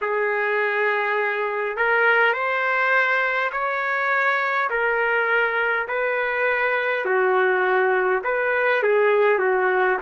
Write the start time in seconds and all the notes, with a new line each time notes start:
0.01 G#4
1.76 A#4
2.33 C5
3.52 C#5
4.70 A#4
5.88 B4
7.05 F#4
8.24 B4
8.82 G#4
9.39 F#4